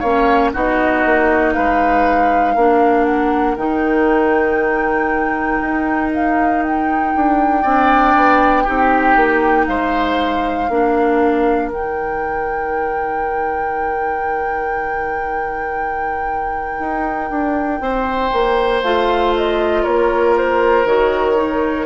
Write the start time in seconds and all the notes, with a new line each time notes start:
0.00 A#3 C#4 C#5 F5
0.54 B3 D#4 F#4 D#5
1.06 A#3
1.53 G#3 B4 F5
2.55 A#3 D4 A#4
3.05 F#5
3.57 D#3 D#4 G5
5.62 D#4
6.14 F5
6.63 G5
7.16 D4
7.62 C4 D4 D5
8.16 B3
8.64 C4 D#4 G4
9.16 A#3
9.67 G#3 C5 F5
10.70 A#3 D4 A#4
11.72 D#3 D#4 G5
16.80 D#4
17.31 D4
17.81 C4 C5
18.33 A#3
18.83 A3 F4 F5
19.36 D#5
19.83 A#3 A#4 C#5
20.38 C5
20.86 D#3 F#4 C#5
21.36 D#4